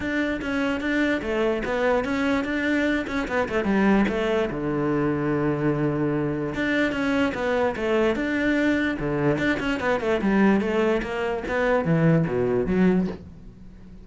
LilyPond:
\new Staff \with { instrumentName = "cello" } { \time 4/4 \tempo 4 = 147 d'4 cis'4 d'4 a4 | b4 cis'4 d'4. cis'8 | b8 a8 g4 a4 d4~ | d1 |
d'4 cis'4 b4 a4 | d'2 d4 d'8 cis'8 | b8 a8 g4 a4 ais4 | b4 e4 b,4 fis4 | }